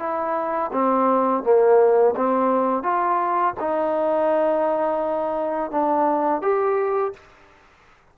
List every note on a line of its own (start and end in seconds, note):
0.00 0.71 E4
0.73 1.44 C4
1.44 2.15 A#3
2.17 2.83 C4
2.83 3.55 F4
3.60 5.71 D#4
5.71 6.42 D4
6.42 7.14 G4